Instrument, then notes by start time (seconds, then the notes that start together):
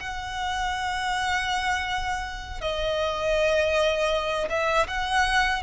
violin
0.00 F#5
2.61 D#5
4.49 E5
4.88 F#5